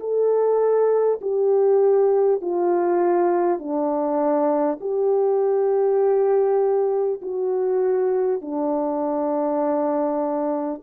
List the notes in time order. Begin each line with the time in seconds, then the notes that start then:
0.00 A4
1.22 G4
2.42 F4
3.59 D4
4.81 G4
7.22 F#4
8.42 D4